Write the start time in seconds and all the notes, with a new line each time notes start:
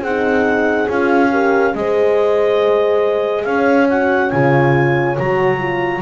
0.00 C4 G#4 F#5
0.07 D#4
0.89 C#4 F4 F5
1.30 G4 A#4
1.74 G#3 G#4 C5 D#5
3.44 C#4 C#5 F5
3.90 F#4 F#5
4.30 C#3 F4 G#5
5.17 F#3 F#4 A#5
5.58 F4